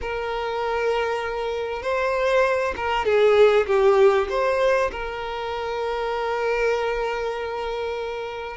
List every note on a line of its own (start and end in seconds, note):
0.01 1.82 A#4
1.82 2.74 C5
2.76 3.05 A#4
3.05 3.66 G#4
3.67 4.28 G4
4.29 4.91 C5
4.91 8.57 A#4